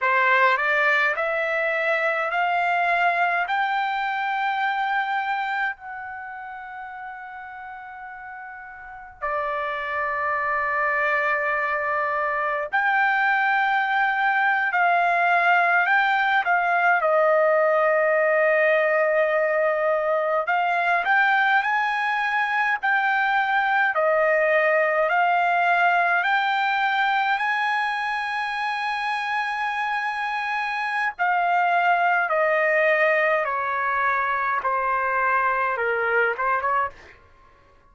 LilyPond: \new Staff \with { instrumentName = "trumpet" } { \time 4/4 \tempo 4 = 52 c''8 d''8 e''4 f''4 g''4~ | g''4 fis''2. | d''2. g''4~ | g''8. f''4 g''8 f''8 dis''4~ dis''16~ |
dis''4.~ dis''16 f''8 g''8 gis''4 g''16~ | g''8. dis''4 f''4 g''4 gis''16~ | gis''2. f''4 | dis''4 cis''4 c''4 ais'8 c''16 cis''16 | }